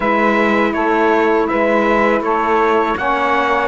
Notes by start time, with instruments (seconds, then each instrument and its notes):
0.00 cello G#3, saxophone E4 B4, trumpet E5
0.73 cello A3, saxophone A4, trumpet C#5
1.47 cello G#3, saxophone B4, trumpet E5
2.20 cello A3, saxophone A4, trumpet C#5
2.96 cello A#3, saxophone C#4 C#5, trumpet F#5